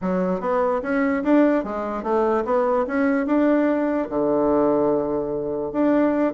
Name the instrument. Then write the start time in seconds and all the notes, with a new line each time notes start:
bassoon
0.01 F#3
0.40 B3
0.82 C#4
1.23 D4
1.64 G#3
2.03 A3
2.44 B3
2.87 C#4
3.26 D4
4.09 D3
5.72 D4